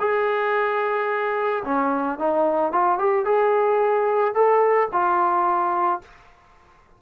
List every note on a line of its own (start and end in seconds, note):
0.00 1.64 G#4
1.65 2.19 C#4
2.19 2.73 D#4
2.73 2.99 F4
2.99 3.25 G4
3.25 4.34 G#4
4.35 4.89 A4
4.93 6.02 F4